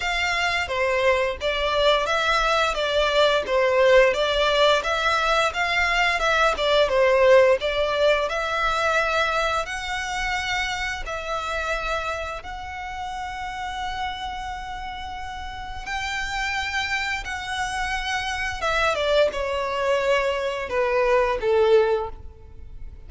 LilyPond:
\new Staff \with { instrumentName = "violin" } { \time 4/4 \tempo 4 = 87 f''4 c''4 d''4 e''4 | d''4 c''4 d''4 e''4 | f''4 e''8 d''8 c''4 d''4 | e''2 fis''2 |
e''2 fis''2~ | fis''2. g''4~ | g''4 fis''2 e''8 d''8 | cis''2 b'4 a'4 | }